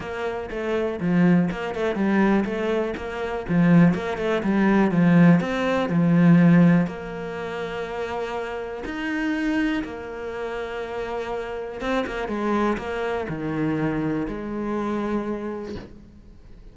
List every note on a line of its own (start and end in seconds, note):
0.00 0.49 A#3
0.50 0.99 A3
1.00 1.49 F3
1.50 1.74 A#3
1.74 1.95 A3
1.95 2.44 G3
2.45 2.94 A3
2.96 3.46 A#3
3.49 3.94 F3
3.94 4.17 A#3
4.17 4.42 A3
4.43 4.91 G3
4.91 5.40 F3
5.40 5.89 C4
5.89 6.87 F3
6.87 8.83 A#3
8.85 9.83 D#4
9.84 11.80 A#3
11.80 12.05 C4
12.06 12.28 A#3
12.28 12.77 G#3
12.77 13.27 A#3
13.28 14.27 D#3
14.28 15.75 G#3